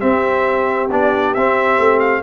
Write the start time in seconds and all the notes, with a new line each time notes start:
0.00 C4 G4 E5
0.91 B3 D4 D5
1.34 C4 E5
1.79 A3
2.00 F5